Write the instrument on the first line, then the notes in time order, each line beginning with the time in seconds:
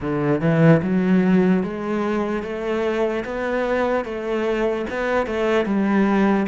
cello
0.00 D3
0.40 E3
0.82 F#3
1.63 G#3
2.43 A3
3.24 B3
4.04 A3
4.89 B3
5.26 A3
5.65 G3